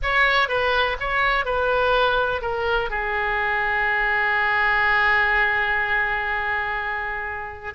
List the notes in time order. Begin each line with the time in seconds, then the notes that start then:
0.02 C#5
0.48 B4
1.00 C#5
1.45 B4
2.41 A#4
2.90 G#4